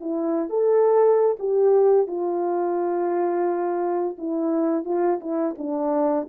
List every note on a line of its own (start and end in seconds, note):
0.00 0.49 E4
0.49 1.37 A4
1.39 2.07 G4
2.07 4.16 F4
4.18 4.85 E4
4.85 5.19 F4
5.20 5.55 E4
5.58 6.28 D4